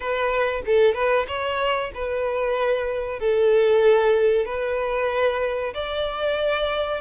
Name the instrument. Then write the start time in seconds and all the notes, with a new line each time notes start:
violin
0.00 B4
0.66 A4
0.94 B4
1.27 C#5
1.94 B4
3.19 A4
4.45 B4
5.73 D5